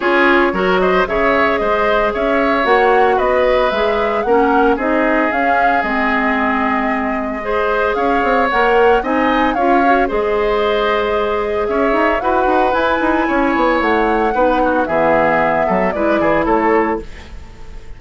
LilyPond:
<<
  \new Staff \with { instrumentName = "flute" } { \time 4/4 \tempo 4 = 113 cis''4. dis''8 e''4 dis''4 | e''4 fis''4 dis''4 e''4 | fis''4 dis''4 f''4 dis''4~ | dis''2. f''4 |
fis''4 gis''4 f''4 dis''4~ | dis''2 e''4 fis''4 | gis''2 fis''2 | e''2 d''4 cis''4 | }
  \new Staff \with { instrumentName = "oboe" } { \time 4/4 gis'4 ais'8 c''8 cis''4 c''4 | cis''2 b'2 | ais'4 gis'2.~ | gis'2 c''4 cis''4~ |
cis''4 dis''4 cis''4 c''4~ | c''2 cis''4 b'4~ | b'4 cis''2 b'8 fis'8 | gis'4. a'8 b'8 gis'8 a'4 | }
  \new Staff \with { instrumentName = "clarinet" } { \time 4/4 f'4 fis'4 gis'2~ | gis'4 fis'2 gis'4 | cis'4 dis'4 cis'4 c'4~ | c'2 gis'2 |
ais'4 dis'4 f'8 fis'8 gis'4~ | gis'2. fis'4 | e'2. dis'4 | b2 e'2 | }
  \new Staff \with { instrumentName = "bassoon" } { \time 4/4 cis'4 fis4 cis4 gis4 | cis'4 ais4 b4 gis4 | ais4 c'4 cis'4 gis4~ | gis2. cis'8 c'8 |
ais4 c'4 cis'4 gis4~ | gis2 cis'8 dis'8 e'8 dis'8 | e'8 dis'8 cis'8 b8 a4 b4 | e4. fis8 gis8 e8 a4 | }
>>